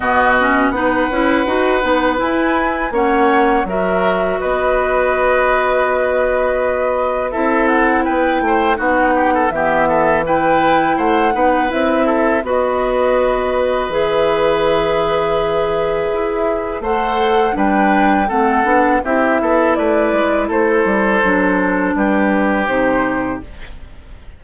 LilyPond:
<<
  \new Staff \with { instrumentName = "flute" } { \time 4/4 \tempo 4 = 82 dis''4 fis''2 gis''4 | fis''4 e''4 dis''2~ | dis''2 e''8 fis''8 g''4 | fis''4 e''4 g''4 fis''4 |
e''4 dis''2 e''4~ | e''2. fis''4 | g''4 fis''4 e''4 d''4 | c''2 b'4 c''4 | }
  \new Staff \with { instrumentName = "oboe" } { \time 4/4 fis'4 b'2. | cis''4 ais'4 b'2~ | b'2 a'4 b'8 c''8 | fis'8 g'16 a'16 g'8 a'8 b'4 c''8 b'8~ |
b'8 a'8 b'2.~ | b'2. c''4 | b'4 a'4 g'8 a'8 b'4 | a'2 g'2 | }
  \new Staff \with { instrumentName = "clarinet" } { \time 4/4 b8 cis'8 dis'8 e'8 fis'8 dis'8 e'4 | cis'4 fis'2.~ | fis'2 e'2 | dis'4 b4 e'4. dis'8 |
e'4 fis'2 gis'4~ | gis'2. a'4 | d'4 c'8 d'8 e'2~ | e'4 d'2 dis'4 | }
  \new Staff \with { instrumentName = "bassoon" } { \time 4/4 b,4 b8 cis'8 dis'8 b8 e'4 | ais4 fis4 b2~ | b2 c'4 b8 a8 | b4 e2 a8 b8 |
c'4 b2 e4~ | e2 e'4 a4 | g4 a8 b8 c'8 b8 a8 gis8 | a8 g8 fis4 g4 c4 | }
>>